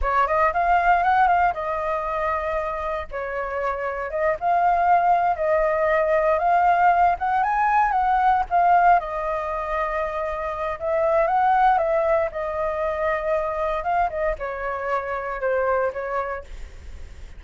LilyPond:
\new Staff \with { instrumentName = "flute" } { \time 4/4 \tempo 4 = 117 cis''8 dis''8 f''4 fis''8 f''8 dis''4~ | dis''2 cis''2 | dis''8 f''2 dis''4.~ | dis''8 f''4. fis''8 gis''4 fis''8~ |
fis''8 f''4 dis''2~ dis''8~ | dis''4 e''4 fis''4 e''4 | dis''2. f''8 dis''8 | cis''2 c''4 cis''4 | }